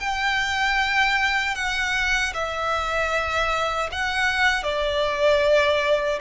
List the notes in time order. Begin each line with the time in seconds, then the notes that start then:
0.00 G5
1.55 F#5
2.34 E5
3.91 F#5
4.63 D5